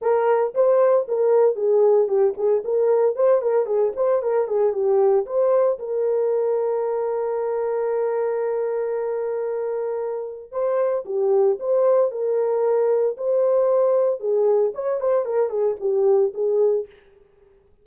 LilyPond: \new Staff \with { instrumentName = "horn" } { \time 4/4 \tempo 4 = 114 ais'4 c''4 ais'4 gis'4 | g'8 gis'8 ais'4 c''8 ais'8 gis'8 c''8 | ais'8 gis'8 g'4 c''4 ais'4~ | ais'1~ |
ais'1 | c''4 g'4 c''4 ais'4~ | ais'4 c''2 gis'4 | cis''8 c''8 ais'8 gis'8 g'4 gis'4 | }